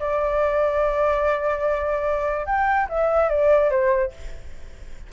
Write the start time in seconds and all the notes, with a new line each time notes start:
0.00 D5
2.47 G5
2.90 E5
3.30 D5
3.71 C5